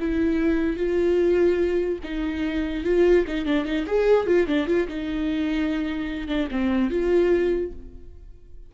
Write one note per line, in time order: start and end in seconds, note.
0.00 0.77 E4
0.77 1.99 F4
2.04 2.85 D#4
2.85 3.25 F4
3.28 3.46 D#4
3.46 3.65 D4
3.65 3.86 D#4
3.87 4.27 G#4
4.27 4.47 F4
4.47 4.67 D4
4.67 4.88 F4
4.88 6.28 D#4
6.28 6.48 D4
6.51 6.90 C4
6.90 7.72 F4